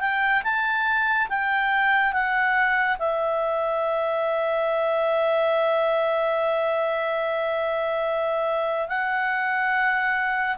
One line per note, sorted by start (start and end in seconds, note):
0.00 0.42 G5
0.43 1.28 A5
1.29 2.13 G5
2.13 2.97 F#5
2.99 8.88 E5
8.88 10.57 F#5